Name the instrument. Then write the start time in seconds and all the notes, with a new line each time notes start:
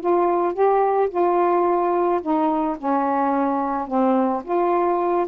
saxophone
0.00 F4
0.54 G4
1.10 F4
2.21 D#4
2.78 C#4
3.87 C4
4.44 F4